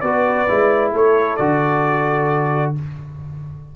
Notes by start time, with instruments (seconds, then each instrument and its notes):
0.00 tuba B3, trombone F#4, horn B4, trumpet D5
0.48 tuba G#3, trombone E4
0.92 tuba A3, horn A4, trumpet C#5
1.36 tuba D3, trombone F#4, trumpet D5